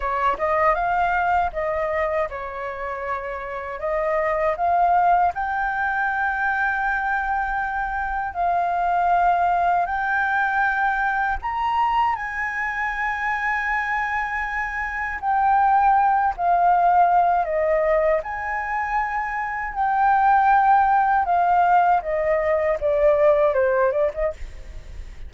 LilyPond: \new Staff \with { instrumentName = "flute" } { \time 4/4 \tempo 4 = 79 cis''8 dis''8 f''4 dis''4 cis''4~ | cis''4 dis''4 f''4 g''4~ | g''2. f''4~ | f''4 g''2 ais''4 |
gis''1 | g''4. f''4. dis''4 | gis''2 g''2 | f''4 dis''4 d''4 c''8 d''16 dis''16 | }